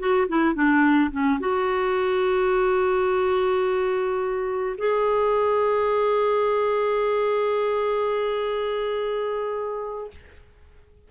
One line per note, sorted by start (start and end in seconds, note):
0.00 0.28 F#4
0.29 0.55 E4
0.55 1.11 D4
1.12 1.40 C#4
1.40 4.77 F#4
4.78 10.11 G#4